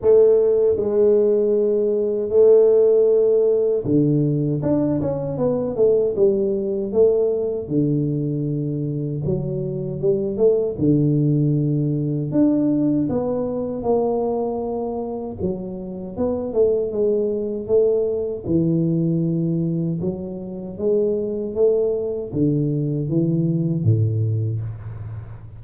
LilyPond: \new Staff \with { instrumentName = "tuba" } { \time 4/4 \tempo 4 = 78 a4 gis2 a4~ | a4 d4 d'8 cis'8 b8 a8 | g4 a4 d2 | fis4 g8 a8 d2 |
d'4 b4 ais2 | fis4 b8 a8 gis4 a4 | e2 fis4 gis4 | a4 d4 e4 a,4 | }